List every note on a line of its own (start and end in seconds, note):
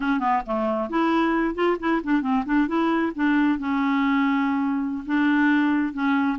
0.00 0.19 C#4
0.19 0.42 B3
0.46 0.89 A3
0.89 1.54 E4
1.54 1.77 F4
1.79 2.01 E4
2.03 2.21 D4
2.21 2.43 C4
2.45 2.67 D4
2.67 3.12 E4
3.15 3.58 D4
3.58 5.04 C#4
5.05 5.93 D4
5.93 6.38 C#4